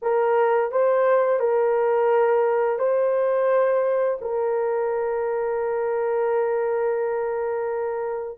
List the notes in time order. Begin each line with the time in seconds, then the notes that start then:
0.02 A#4
0.71 C5
1.39 A#4
2.78 C5
4.21 A#4